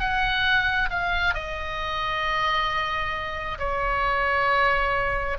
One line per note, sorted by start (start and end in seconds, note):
0.00 0.90 F#5
0.90 1.35 F5
1.35 3.59 D#5
3.59 5.38 C#5